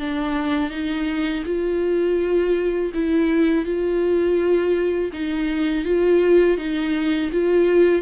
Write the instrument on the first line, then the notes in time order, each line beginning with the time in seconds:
viola
0.00 D4
0.71 D#4
1.46 F4
2.94 E4
3.66 F4
5.13 D#4
5.85 F4
6.58 D#4
7.32 F4